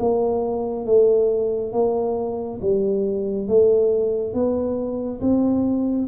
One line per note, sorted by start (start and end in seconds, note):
0.00 0.86 A#3
0.86 1.73 A3
1.73 2.60 A#3
2.61 3.48 G3
3.48 4.34 A3
4.34 5.21 B3
5.21 6.08 C4